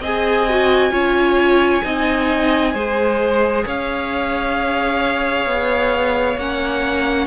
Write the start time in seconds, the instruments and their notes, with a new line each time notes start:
0.00 cello C4, viola G#4, violin D#5 G#5
0.49 viola F#4
0.91 cello C#4, viola F4, violin C#5
1.84 cello C4, viola D#4, violin D#5
2.73 cello G#3, viola G#4, violin C5
3.66 cello C#4, violin C#5 F5
5.46 cello B3
6.37 cello A#3, viola C#4, violin F#5